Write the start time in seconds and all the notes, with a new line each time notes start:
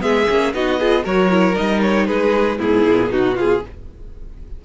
0.00 G#3 B3 G#4 E5
0.29 A#3 C#4
0.54 B3 D#4 F#4 D#5
0.80 F4 G#4
1.04 F#3 F#4 A#4 C#5
1.31 E4
1.56 G3 D#4 D#5
1.82 C#5
2.07 G#3 G#4 B4
2.58 G#2 B3 E4 G#4
2.87 A#2
3.09 B2 D#4 F#4
3.36 F4 G#4